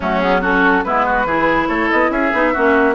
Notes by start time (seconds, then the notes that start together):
0.00 F#3 A3 C#4 F#4
0.19 B3 G#4
0.41 C#4 F#4 A4
0.83 G#3 B3 E4 B4
1.05 F#4
1.24 E3 E4 G#4
1.67 A3 A4 C#5
1.90 B3 D#5
2.10 C#4 G#4 E5
2.32 B3 D#4
2.52 A#3 C#4 F#4